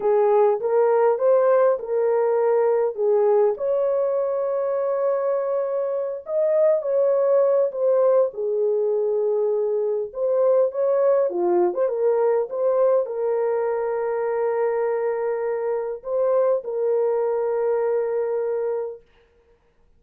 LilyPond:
\new Staff \with { instrumentName = "horn" } { \time 4/4 \tempo 4 = 101 gis'4 ais'4 c''4 ais'4~ | ais'4 gis'4 cis''2~ | cis''2~ cis''8 dis''4 cis''8~ | cis''4 c''4 gis'2~ |
gis'4 c''4 cis''4 f'8. c''16 | ais'4 c''4 ais'2~ | ais'2. c''4 | ais'1 | }